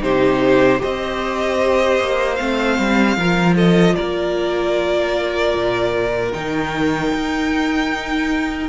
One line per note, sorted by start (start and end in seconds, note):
0.00 0.81 C3
0.00 0.79 D#4
0.00 0.81 G4
0.00 0.82 C5
0.79 2.37 G4
0.79 3.17 C5
0.79 2.36 D#5
0.85 2.00 C4
2.00 2.39 A#3
2.36 2.79 A3
2.36 3.17 C4
2.36 3.54 F5
2.79 3.16 G3
3.16 3.95 F3
3.16 6.33 F4
3.16 3.56 A#4
3.56 3.95 A4
3.56 3.95 D#5
3.95 5.54 A#3
3.95 8.69 A#4
3.95 6.32 D5
5.54 6.33 A#2
6.33 7.13 D#3
6.33 8.69 D#4
6.33 8.69 G5
7.14 8.69 D#4